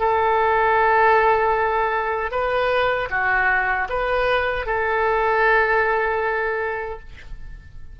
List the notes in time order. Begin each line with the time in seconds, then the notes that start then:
0.00 A4
2.31 B4
3.11 F#4
3.90 B4
4.66 A4